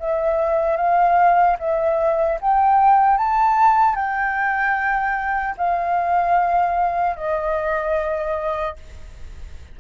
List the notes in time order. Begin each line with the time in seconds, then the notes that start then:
0.00 E5
0.77 F5
1.59 E5
2.41 G5
3.18 A5
3.96 G5
5.58 F5
7.16 D#5